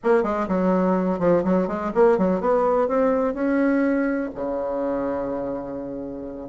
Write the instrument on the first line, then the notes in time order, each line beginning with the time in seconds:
bassoon
0.03 A#3
0.23 G#3
0.48 F#3
1.19 F3
1.44 F#3
1.67 G#3
1.94 A#3
2.18 F#3
2.40 B3
2.88 C4
3.33 C#4
4.34 C#3